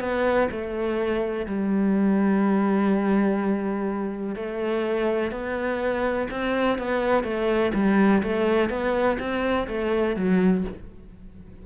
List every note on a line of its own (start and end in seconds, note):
0.00 0.48 B3
0.51 1.46 A3
1.46 4.36 G3
4.36 5.31 A3
5.31 6.28 B3
6.30 6.79 C4
6.79 7.24 B3
7.24 7.72 A3
7.74 8.23 G3
8.23 8.70 A3
8.70 9.18 B3
9.19 9.68 C4
9.68 10.17 A3
10.17 10.65 F#3